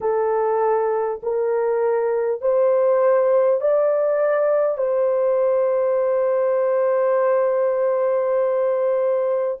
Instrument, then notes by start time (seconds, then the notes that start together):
horn
0.01 A4
1.22 A#4
2.41 C5
3.60 D5
4.77 C5